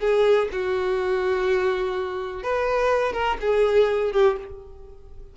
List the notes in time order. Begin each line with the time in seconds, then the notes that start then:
0.00 G#4
0.52 F#4
2.43 B4
3.13 A#4
3.41 G#4
4.13 G4